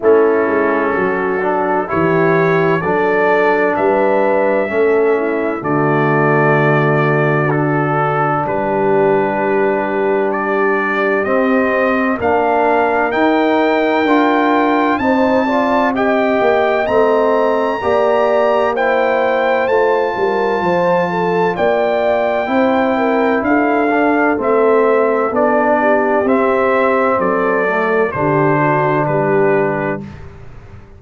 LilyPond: <<
  \new Staff \with { instrumentName = "trumpet" } { \time 4/4 \tempo 4 = 64 a'2 cis''4 d''4 | e''2 d''2 | a'4 b'2 d''4 | dis''4 f''4 g''2 |
a''4 g''4 ais''2 | g''4 a''2 g''4~ | g''4 f''4 e''4 d''4 | e''4 d''4 c''4 b'4 | }
  \new Staff \with { instrumentName = "horn" } { \time 4/4 e'4 fis'4 g'4 a'4 | b'4 a'8 e'8 fis'2~ | fis'4 g'2.~ | g'4 ais'2. |
c''8 d''8 dis''2 d''4 | c''4. ais'8 c''8 a'8 d''4 | c''8 ais'8 a'2~ a'8 g'8~ | g'4 a'4 g'8 fis'8 g'4 | }
  \new Staff \with { instrumentName = "trombone" } { \time 4/4 cis'4. d'8 e'4 d'4~ | d'4 cis'4 a2 | d'1 | c'4 d'4 dis'4 f'4 |
dis'8 f'8 g'4 c'4 g'4 | e'4 f'2. | e'4. d'8 c'4 d'4 | c'4. a8 d'2 | }
  \new Staff \with { instrumentName = "tuba" } { \time 4/4 a8 gis8 fis4 e4 fis4 | g4 a4 d2~ | d4 g2. | c'4 ais4 dis'4 d'4 |
c'4. ais8 a4 ais4~ | ais4 a8 g8 f4 ais4 | c'4 d'4 a4 b4 | c'4 fis4 d4 g4 | }
>>